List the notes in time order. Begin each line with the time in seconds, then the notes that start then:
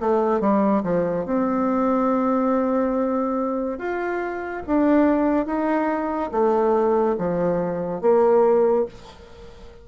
0.00 A3
0.41 G3
0.84 F3
1.26 C4
3.79 F4
4.67 D4
5.46 D#4
6.32 A3
7.18 F3
8.02 A#3